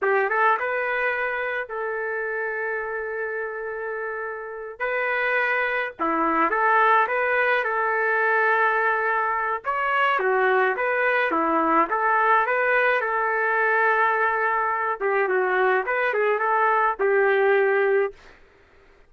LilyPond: \new Staff \with { instrumentName = "trumpet" } { \time 4/4 \tempo 4 = 106 g'8 a'8 b'2 a'4~ | a'1~ | a'8 b'2 e'4 a'8~ | a'8 b'4 a'2~ a'8~ |
a'4 cis''4 fis'4 b'4 | e'4 a'4 b'4 a'4~ | a'2~ a'8 g'8 fis'4 | b'8 gis'8 a'4 g'2 | }